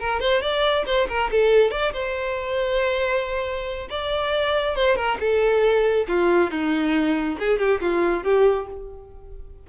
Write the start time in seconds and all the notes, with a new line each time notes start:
0.00 A#4
0.21 C5
0.42 D5
0.87 C5
1.09 A#4
1.32 A4
1.71 D5
1.93 C5
3.91 D5
4.76 C5
4.96 A#4
5.20 A4
6.08 F4
6.51 D#4
7.40 G#4
7.59 G4
7.81 F4
8.24 G4